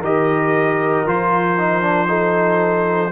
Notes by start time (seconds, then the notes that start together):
0.00 D#3 G4 A#4 D#5
1.06 F3 F4 C5
1.58 D#4
1.82 D4
2.07 D#4 A4